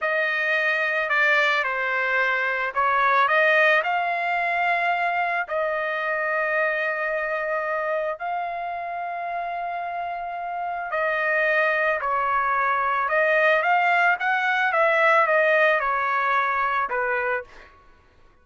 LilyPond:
\new Staff \with { instrumentName = "trumpet" } { \time 4/4 \tempo 4 = 110 dis''2 d''4 c''4~ | c''4 cis''4 dis''4 f''4~ | f''2 dis''2~ | dis''2. f''4~ |
f''1 | dis''2 cis''2 | dis''4 f''4 fis''4 e''4 | dis''4 cis''2 b'4 | }